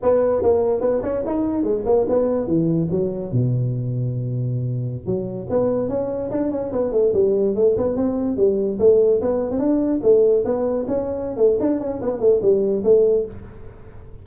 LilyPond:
\new Staff \with { instrumentName = "tuba" } { \time 4/4 \tempo 4 = 145 b4 ais4 b8 cis'8 dis'4 | gis8 ais8 b4 e4 fis4 | b,1~ | b,16 fis4 b4 cis'4 d'8 cis'16~ |
cis'16 b8 a8 g4 a8 b8 c'8.~ | c'16 g4 a4 b8. c'16 d'8.~ | d'16 a4 b4 cis'4~ cis'16 a8 | d'8 cis'8 b8 a8 g4 a4 | }